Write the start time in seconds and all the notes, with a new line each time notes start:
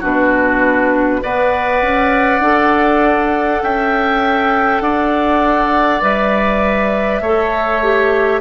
0.00 B2 D4 F#4 B4
1.22 B3 B4 D5 F#5
1.82 C#4
2.40 D4 A4
3.63 C#4 E5 G5
4.81 D4 D5 F#5
6.01 G3 B4 E5
7.21 A3 A4 C#5
7.83 G4